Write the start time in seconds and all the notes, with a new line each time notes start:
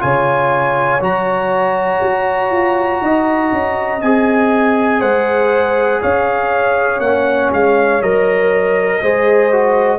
0.00 C#3 F4 C#5 G#5
1.01 F#3 F#4 A#5
2.03 F#4
2.51 F4
3.02 D#4 D#5
3.52 C#4
4.02 C4 G#4 G#5
5.00 G#3 C5 F#5
6.02 C#4 C#5 F5
7.00 A#3 C#4 F#5
7.52 G#3 F5
8.01 F#3 A#4 D#5
9.03 G#3 G#4 C5
9.53 F#4